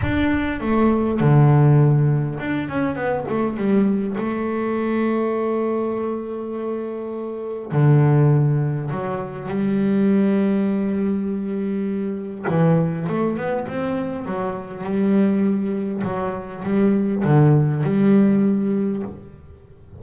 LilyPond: \new Staff \with { instrumentName = "double bass" } { \time 4/4 \tempo 4 = 101 d'4 a4 d2 | d'8 cis'8 b8 a8 g4 a4~ | a1~ | a4 d2 fis4 |
g1~ | g4 e4 a8 b8 c'4 | fis4 g2 fis4 | g4 d4 g2 | }